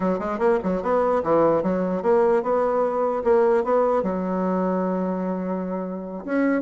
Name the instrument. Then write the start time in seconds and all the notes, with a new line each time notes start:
bassoon
0.00 F#3
0.19 G#3
0.38 A#3
0.63 F#3
0.82 B3
1.23 E3
1.62 F#3
2.02 A#3
2.42 B3
3.24 A#3
3.64 B3
4.02 F#3
6.25 C#4